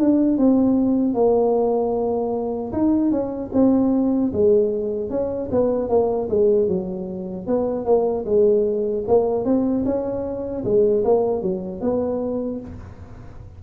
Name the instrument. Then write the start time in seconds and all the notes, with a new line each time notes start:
tuba
0.00 D4
0.38 C4
1.14 A#3
2.73 D#4
3.11 C#4
3.53 C4
4.33 G#3
5.10 C#4
5.52 B3
5.89 A#3
6.29 G#3
6.68 F#3
7.47 B3
7.86 A#3
8.26 G#3
9.08 A#3
9.45 C4
9.85 C#4
10.65 G#3
11.05 A#3
11.42 F#3
11.81 B3